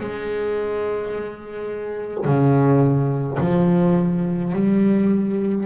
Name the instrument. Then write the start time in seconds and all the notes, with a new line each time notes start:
double bass
0.00 G#3
2.24 C#3
3.39 F3
4.53 G3